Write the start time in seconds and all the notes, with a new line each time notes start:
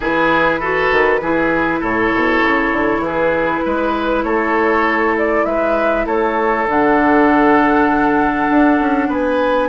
0.00 E3 E4 G#4 B4
0.59 F#4 A4
0.91 D#3
1.21 E3 E4 G#4
1.80 A2 A4 C#5
2.14 B2
2.41 C#3
2.71 D3
2.98 E3 G#4
3.07 B4
3.64 G#3 B4
4.23 A3 A4 C#5
5.18 D5
5.45 G#3 B4 E5
6.06 A3 A4 C#5
6.66 D3 D4 F#5
8.50 D4
8.80 C#4
9.08 B3 B4 G#5